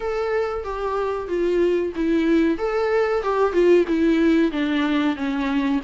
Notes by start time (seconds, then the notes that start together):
0.00 A4
0.64 G4
1.28 F4
1.95 E4
2.58 A4
3.22 G4
3.52 F4
3.87 E4
4.51 D4
5.16 C#4